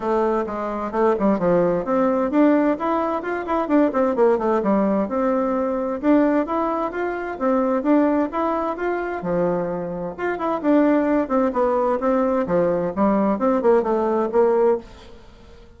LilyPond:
\new Staff \with { instrumentName = "bassoon" } { \time 4/4 \tempo 4 = 130 a4 gis4 a8 g8 f4 | c'4 d'4 e'4 f'8 e'8 | d'8 c'8 ais8 a8 g4 c'4~ | c'4 d'4 e'4 f'4 |
c'4 d'4 e'4 f'4 | f2 f'8 e'8 d'4~ | d'8 c'8 b4 c'4 f4 | g4 c'8 ais8 a4 ais4 | }